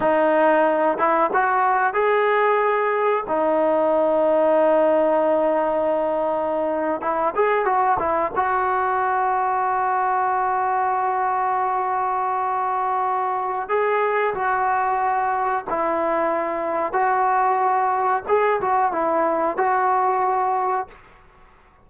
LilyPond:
\new Staff \with { instrumentName = "trombone" } { \time 4/4 \tempo 4 = 92 dis'4. e'8 fis'4 gis'4~ | gis'4 dis'2.~ | dis'2~ dis'8. e'8 gis'8 fis'16~ | fis'16 e'8 fis'2.~ fis'16~ |
fis'1~ | fis'4 gis'4 fis'2 | e'2 fis'2 | gis'8 fis'8 e'4 fis'2 | }